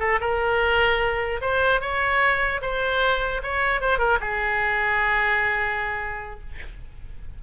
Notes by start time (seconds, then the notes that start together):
0.00 A4
0.21 A#4
1.41 C5
1.81 C#5
2.62 C5
3.43 C#5
3.81 C5
3.99 A#4
4.21 G#4